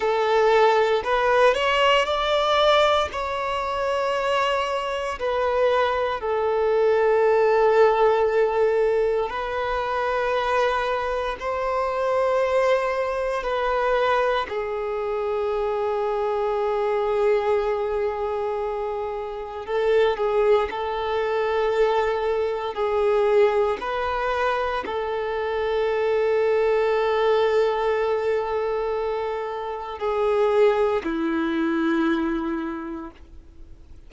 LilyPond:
\new Staff \with { instrumentName = "violin" } { \time 4/4 \tempo 4 = 58 a'4 b'8 cis''8 d''4 cis''4~ | cis''4 b'4 a'2~ | a'4 b'2 c''4~ | c''4 b'4 gis'2~ |
gis'2. a'8 gis'8 | a'2 gis'4 b'4 | a'1~ | a'4 gis'4 e'2 | }